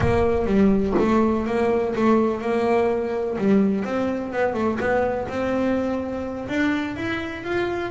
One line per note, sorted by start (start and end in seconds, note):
0.00 0.45 A#3
0.45 0.93 G3
0.98 1.46 A3
1.46 1.94 A#3
1.95 2.41 A3
2.41 3.37 A#3
3.38 3.84 G3
3.84 4.32 C4
4.32 4.54 B3
4.54 4.78 A3
4.79 5.27 B3
5.28 6.48 C4
6.48 6.96 D4
6.96 7.43 E4
7.43 7.91 F4